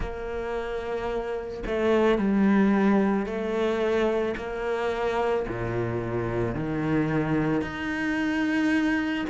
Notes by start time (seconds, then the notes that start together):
0.00 A#3
1.66 A3
2.18 G3
3.25 A3
4.36 A#3
5.47 A#2
6.55 D#3
7.61 D#4